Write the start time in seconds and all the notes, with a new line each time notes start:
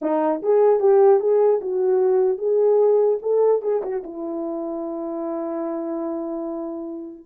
0.01 D#4
0.42 G#4
0.80 G4
1.20 G#4
1.61 F#4
2.38 G#4
3.22 A4
3.61 G#4
3.82 F#4
4.03 E4